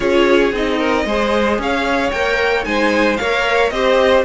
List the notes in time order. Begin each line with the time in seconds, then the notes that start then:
0.00 C#4 F4 G#4 C#5
0.52 C4 D#4 D#5
0.78 A#4
1.05 G#3 G#4 C5
1.58 C#4 C#5 F5
2.11 A#3 A#4 G5
2.63 G#3 D#4 C5 G#5
3.16 A#3 A#4 C#5 F5
3.69 C4 G4 C5 D#5